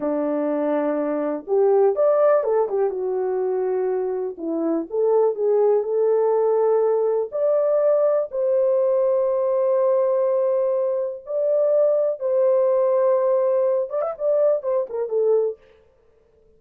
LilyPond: \new Staff \with { instrumentName = "horn" } { \time 4/4 \tempo 4 = 123 d'2. g'4 | d''4 a'8 g'8 fis'2~ | fis'4 e'4 a'4 gis'4 | a'2. d''4~ |
d''4 c''2.~ | c''2. d''4~ | d''4 c''2.~ | c''8 d''16 e''16 d''4 c''8 ais'8 a'4 | }